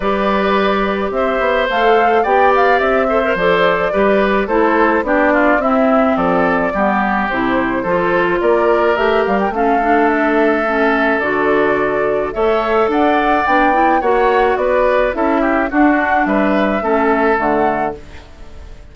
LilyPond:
<<
  \new Staff \with { instrumentName = "flute" } { \time 4/4 \tempo 4 = 107 d''2 e''4 f''4 | g''8 f''8 e''4 d''2 | c''4 d''4 e''4 d''4~ | d''4 c''2 d''4 |
e''8 f''16 g''16 f''4 e''2 | d''2 e''4 fis''4 | g''4 fis''4 d''4 e''4 | fis''4 e''2 fis''4 | }
  \new Staff \with { instrumentName = "oboe" } { \time 4/4 b'2 c''2 | d''4. c''4. b'4 | a'4 g'8 f'8 e'4 a'4 | g'2 a'4 ais'4~ |
ais'4 a'2.~ | a'2 cis''4 d''4~ | d''4 cis''4 b'4 a'8 g'8 | fis'4 b'4 a'2 | }
  \new Staff \with { instrumentName = "clarinet" } { \time 4/4 g'2. a'4 | g'4. a'16 ais'16 a'4 g'4 | e'4 d'4 c'2 | b4 e'4 f'2 |
g'4 cis'8 d'4. cis'4 | fis'2 a'2 | d'8 e'8 fis'2 e'4 | d'2 cis'4 a4 | }
  \new Staff \with { instrumentName = "bassoon" } { \time 4/4 g2 c'8 b8 a4 | b4 c'4 f4 g4 | a4 b4 c'4 f4 | g4 c4 f4 ais4 |
a8 g8 a2. | d2 a4 d'4 | b4 ais4 b4 cis'4 | d'4 g4 a4 d4 | }
>>